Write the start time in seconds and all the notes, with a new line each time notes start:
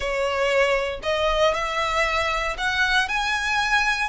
0.00 C#5
1.03 D#5
1.54 E5
2.57 F#5
3.08 G#5